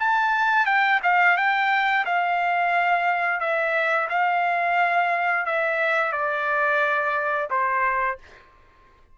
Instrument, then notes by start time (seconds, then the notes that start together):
trumpet
0.00 A5
0.66 G5
1.04 F5
1.37 G5
2.06 F5
3.40 E5
4.10 F5
5.46 E5
6.13 D5
7.50 C5